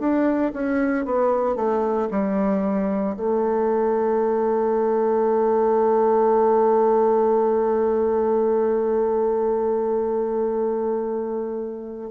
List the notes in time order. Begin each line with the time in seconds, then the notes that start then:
0.00 D4
0.54 C#4
1.06 B3
1.56 A3
2.11 G3
3.17 A3